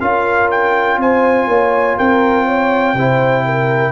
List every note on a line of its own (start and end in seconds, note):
0.00 0.97 C#4
0.00 2.95 F4
0.00 0.98 A#4
0.00 0.49 F5
0.51 1.00 G5
0.97 1.46 C4
0.97 1.47 C5
0.97 1.98 G#5
1.47 1.96 A#3
1.47 1.97 C#5
1.97 2.93 C4
1.97 2.45 A#4
1.97 3.92 G5
2.45 2.94 C#5
2.93 3.92 C3
2.93 3.92 E4
2.93 3.44 C5
3.45 3.92 A#4